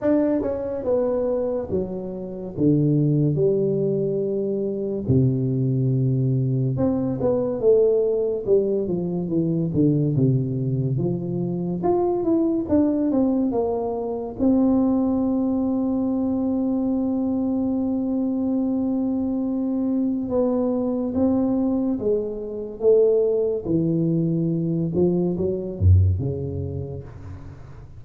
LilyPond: \new Staff \with { instrumentName = "tuba" } { \time 4/4 \tempo 4 = 71 d'8 cis'8 b4 fis4 d4 | g2 c2 | c'8 b8 a4 g8 f8 e8 d8 | c4 f4 f'8 e'8 d'8 c'8 |
ais4 c'2.~ | c'1 | b4 c'4 gis4 a4 | e4. f8 fis8 fis,8 cis4 | }